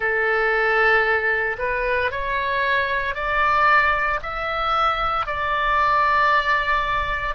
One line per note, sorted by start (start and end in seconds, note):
0.00 1.56 A4
1.58 2.11 B4
2.11 3.14 C#5
3.14 4.20 D5
4.22 5.26 E5
5.26 7.34 D5